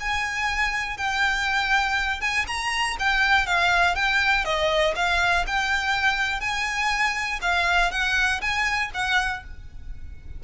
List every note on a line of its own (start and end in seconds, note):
0.00 0.97 G#5
0.97 2.21 G5
2.21 2.46 G#5
2.47 2.97 A#5
2.99 3.46 G5
3.46 3.95 F5
3.95 4.45 G5
4.45 4.94 D#5
4.95 5.45 F5
5.47 6.40 G5
6.40 7.39 G#5
7.42 7.91 F5
7.91 8.41 F#5
8.41 8.91 G#5
8.94 9.43 F#5